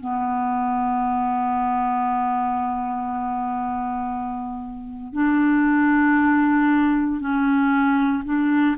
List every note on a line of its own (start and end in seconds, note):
0.00 5.13 B3
5.13 7.20 D4
7.20 8.23 C#4
8.24 8.76 D4